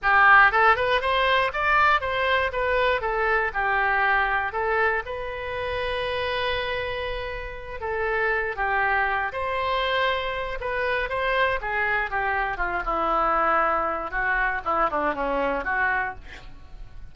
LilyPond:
\new Staff \with { instrumentName = "oboe" } { \time 4/4 \tempo 4 = 119 g'4 a'8 b'8 c''4 d''4 | c''4 b'4 a'4 g'4~ | g'4 a'4 b'2~ | b'2.~ b'8 a'8~ |
a'4 g'4. c''4.~ | c''4 b'4 c''4 gis'4 | g'4 f'8 e'2~ e'8 | fis'4 e'8 d'8 cis'4 fis'4 | }